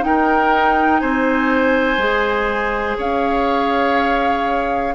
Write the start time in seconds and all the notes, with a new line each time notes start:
0.00 D#4 A#4 G5
1.00 C4 C5 G#5
1.97 G#3 G#4
2.97 C#4 C#5 F5